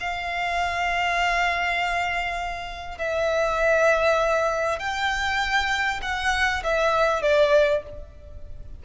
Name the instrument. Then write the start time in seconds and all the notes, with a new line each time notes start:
violin
0.00 F5
2.98 E5
4.80 G5
6.02 F#5
6.64 E5
7.22 D5